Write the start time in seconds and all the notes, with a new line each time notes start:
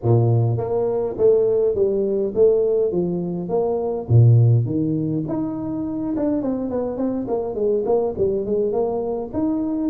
0.03 A#2
0.57 A#3
1.17 A3
1.74 G3
2.34 A3
2.91 F3
3.48 A#3
4.08 A#2
4.65 D#3
5.28 D#4
6.16 D4
6.42 C4
6.70 B3
6.97 C4
7.27 A#3
7.54 G#3
7.85 A#3
8.17 G3
8.45 G#3
8.72 A#3
9.33 D#4